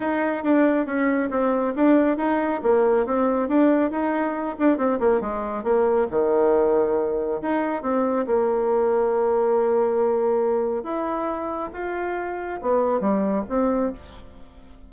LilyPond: \new Staff \with { instrumentName = "bassoon" } { \time 4/4 \tempo 4 = 138 dis'4 d'4 cis'4 c'4 | d'4 dis'4 ais4 c'4 | d'4 dis'4. d'8 c'8 ais8 | gis4 ais4 dis2~ |
dis4 dis'4 c'4 ais4~ | ais1~ | ais4 e'2 f'4~ | f'4 b4 g4 c'4 | }